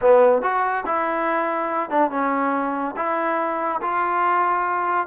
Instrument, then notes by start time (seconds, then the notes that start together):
trombone
0.01 B3
0.41 F#4
0.86 E4
1.90 D4
2.10 C#4
2.96 E4
3.81 F4